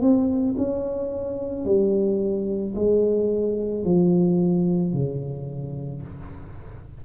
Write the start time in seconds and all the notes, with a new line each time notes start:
0.00 C4
0.57 C#4
1.65 G3
2.75 G#3
3.84 F3
4.93 C#3